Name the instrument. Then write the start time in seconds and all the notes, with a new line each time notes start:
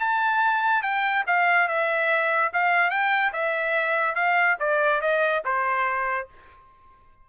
trumpet
0.00 A5
0.83 G5
1.27 F5
1.68 E5
2.53 F5
2.91 G5
3.33 E5
4.16 F5
4.60 D5
5.01 D#5
5.45 C5